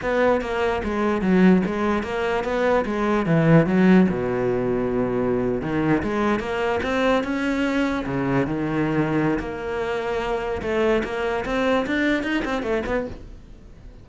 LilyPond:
\new Staff \with { instrumentName = "cello" } { \time 4/4 \tempo 4 = 147 b4 ais4 gis4 fis4 | gis4 ais4 b4 gis4 | e4 fis4 b,2~ | b,4.~ b,16 dis4 gis4 ais16~ |
ais8. c'4 cis'2 cis16~ | cis8. dis2~ dis16 ais4~ | ais2 a4 ais4 | c'4 d'4 dis'8 c'8 a8 b8 | }